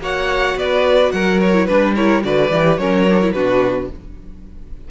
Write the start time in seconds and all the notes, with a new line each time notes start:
0.00 A#3 F#4 C#5 F#5
0.56 B3 B4 D5
1.12 F#3 A#4 F#5
1.41 C#5
1.54 E4
1.66 G3 D4 B4
1.96 E4 A#4 C#5
2.22 D3 F#4 B4 D5
2.51 E3 G4
2.78 F#3 C#4 A#4 C#5
3.10 D4
3.23 E4
3.33 B2 D4 F#4 B4